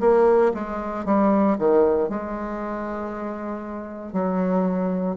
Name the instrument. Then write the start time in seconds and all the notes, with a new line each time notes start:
bassoon
0.00 A#3
0.54 G#3
1.05 G3
1.58 D#3
2.09 G#3
4.13 F#3